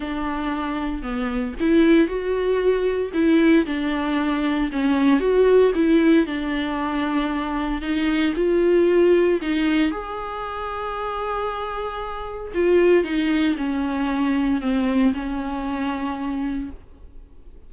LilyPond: \new Staff \with { instrumentName = "viola" } { \time 4/4 \tempo 4 = 115 d'2 b4 e'4 | fis'2 e'4 d'4~ | d'4 cis'4 fis'4 e'4 | d'2. dis'4 |
f'2 dis'4 gis'4~ | gis'1 | f'4 dis'4 cis'2 | c'4 cis'2. | }